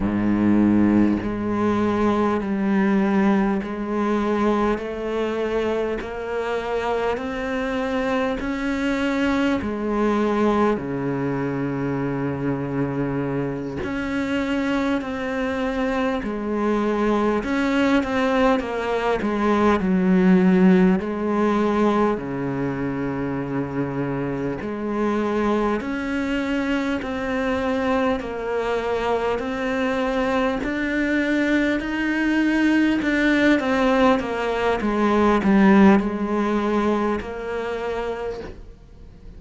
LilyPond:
\new Staff \with { instrumentName = "cello" } { \time 4/4 \tempo 4 = 50 gis,4 gis4 g4 gis4 | a4 ais4 c'4 cis'4 | gis4 cis2~ cis8 cis'8~ | cis'8 c'4 gis4 cis'8 c'8 ais8 |
gis8 fis4 gis4 cis4.~ | cis8 gis4 cis'4 c'4 ais8~ | ais8 c'4 d'4 dis'4 d'8 | c'8 ais8 gis8 g8 gis4 ais4 | }